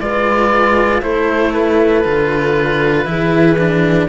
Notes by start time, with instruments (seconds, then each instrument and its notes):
0.00 cello G#3 F4, horn B4, oboe D5
1.02 cello A3 E4, horn A4, oboe C5
1.53 oboe B4
2.04 cello D3 F4
3.05 cello E3 E4, horn G#4
3.58 cello D4